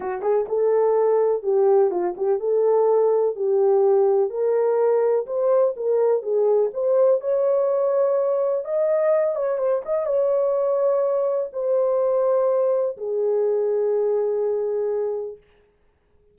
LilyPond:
\new Staff \with { instrumentName = "horn" } { \time 4/4 \tempo 4 = 125 fis'8 gis'8 a'2 g'4 | f'8 g'8 a'2 g'4~ | g'4 ais'2 c''4 | ais'4 gis'4 c''4 cis''4~ |
cis''2 dis''4. cis''8 | c''8 dis''8 cis''2. | c''2. gis'4~ | gis'1 | }